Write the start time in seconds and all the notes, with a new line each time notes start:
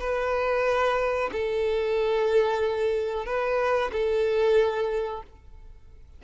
0.00 B4
1.32 A4
3.25 B4
3.92 A4